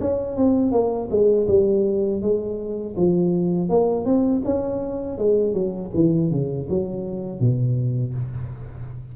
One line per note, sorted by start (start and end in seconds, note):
0.00 0.36 C#4
0.36 0.71 C4
0.71 1.08 A#3
1.10 1.47 G#3
1.47 2.21 G3
2.21 2.95 G#3
2.96 3.69 F3
3.69 4.05 A#3
4.05 4.42 C4
4.44 5.18 C#4
5.18 5.53 G#3
5.53 5.91 F#3
5.94 6.30 E3
6.30 6.67 C#3
6.69 7.40 F#3
7.40 8.14 B2